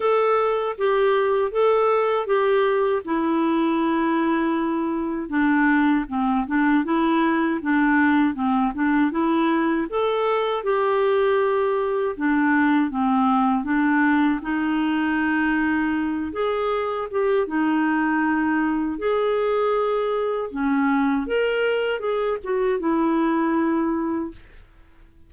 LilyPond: \new Staff \with { instrumentName = "clarinet" } { \time 4/4 \tempo 4 = 79 a'4 g'4 a'4 g'4 | e'2. d'4 | c'8 d'8 e'4 d'4 c'8 d'8 | e'4 a'4 g'2 |
d'4 c'4 d'4 dis'4~ | dis'4. gis'4 g'8 dis'4~ | dis'4 gis'2 cis'4 | ais'4 gis'8 fis'8 e'2 | }